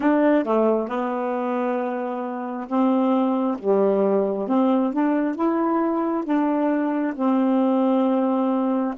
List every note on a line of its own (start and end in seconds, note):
0.00 0.44 D4
0.44 0.88 A3
0.88 2.67 B3
2.68 3.57 C4
3.58 4.48 G3
4.48 4.93 C4
4.93 5.35 D4
5.35 6.24 E4
6.24 7.14 D4
7.15 8.94 C4